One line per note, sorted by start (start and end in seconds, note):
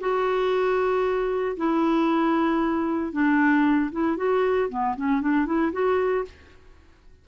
0.00 1.57 F#4
1.57 3.13 E4
3.13 3.91 D4
3.92 4.17 E4
4.17 4.69 F#4
4.70 4.96 B3
4.97 5.22 C#4
5.22 5.46 D4
5.46 5.72 E4
5.72 6.25 F#4